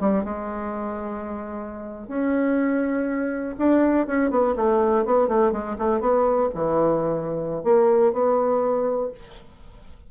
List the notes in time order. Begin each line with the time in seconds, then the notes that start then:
0.00 G3
0.24 G#3
2.08 C#4
3.58 D4
4.07 C#4
4.30 B3
4.56 A3
5.05 B3
5.28 A3
5.52 G#3
5.78 A3
6.00 B3
6.54 E3
7.64 A#3
8.13 B3